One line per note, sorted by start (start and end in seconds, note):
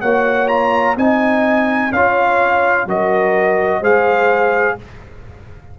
0.00 0.96 A#3
0.00 0.47 F#4
0.00 0.96 C#5
0.00 0.48 F#5
0.47 0.95 F4
0.47 0.95 A#5
0.96 1.91 C4
0.96 1.91 D#4
0.96 1.92 D#5
0.96 1.92 G#5
1.92 2.86 C#4
1.92 2.88 F4
1.92 2.87 C#5
1.92 2.87 F5
2.86 3.81 F#3
2.86 3.83 F#4
2.86 3.80 A#4
2.86 3.83 D#5
3.80 4.76 G#3
3.80 4.78 G#4
3.80 4.76 C5
3.80 4.79 F5